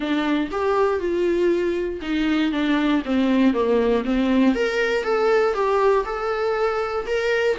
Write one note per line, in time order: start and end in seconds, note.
0.00 0.49 D4
0.51 0.99 G4
0.99 2.00 F4
2.01 2.51 D#4
2.51 3.02 D4
3.05 3.53 C4
3.53 4.04 A#3
4.05 4.54 C4
4.54 5.03 A#4
5.03 5.53 A4
5.54 6.04 G4
6.05 7.06 A4
7.06 7.57 A#4